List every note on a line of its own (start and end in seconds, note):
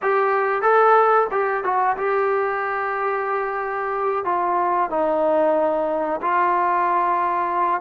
0.02 0.61 G4
0.61 1.27 A4
1.31 1.64 G4
1.64 1.96 F#4
1.97 4.24 G4
4.24 4.89 F4
4.89 6.20 D#4
6.21 7.81 F4